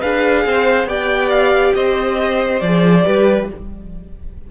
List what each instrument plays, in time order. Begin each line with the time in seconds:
0.00 cello D4, viola G#4, violin B4 F5
0.46 cello C4, violin C5
0.84 cello B3, viola G4, violin D5 G5
1.30 violin F5
1.74 cello C4, violin C5 D#5
2.60 cello F3, viola G#4, violin D5
3.04 cello G3, viola G4, violin B4